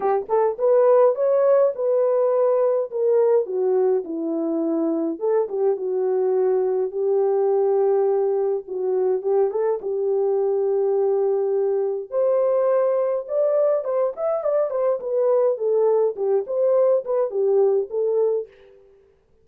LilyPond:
\new Staff \with { instrumentName = "horn" } { \time 4/4 \tempo 4 = 104 g'8 a'8 b'4 cis''4 b'4~ | b'4 ais'4 fis'4 e'4~ | e'4 a'8 g'8 fis'2 | g'2. fis'4 |
g'8 a'8 g'2.~ | g'4 c''2 d''4 | c''8 e''8 d''8 c''8 b'4 a'4 | g'8 c''4 b'8 g'4 a'4 | }